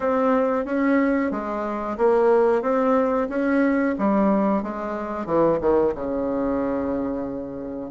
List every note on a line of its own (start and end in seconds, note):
0.00 0.65 C4
0.65 1.31 C#4
1.31 1.97 G#3
1.98 2.62 A#3
2.62 3.28 C4
3.29 3.95 C#4
3.98 4.62 G3
4.62 5.25 G#3
5.25 5.58 E3
5.60 5.93 D#3
5.94 7.90 C#3